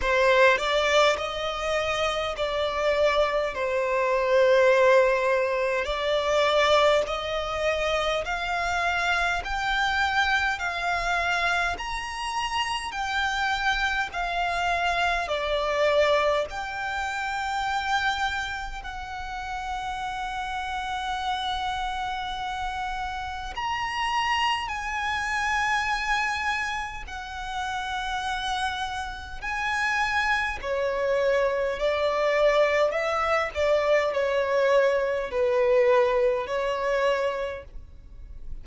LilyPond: \new Staff \with { instrumentName = "violin" } { \time 4/4 \tempo 4 = 51 c''8 d''8 dis''4 d''4 c''4~ | c''4 d''4 dis''4 f''4 | g''4 f''4 ais''4 g''4 | f''4 d''4 g''2 |
fis''1 | ais''4 gis''2 fis''4~ | fis''4 gis''4 cis''4 d''4 | e''8 d''8 cis''4 b'4 cis''4 | }